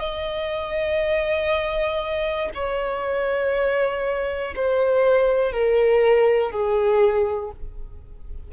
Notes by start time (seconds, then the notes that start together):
0.00 D#5
2.55 C#5
4.56 C5
5.52 A#4
6.51 G#4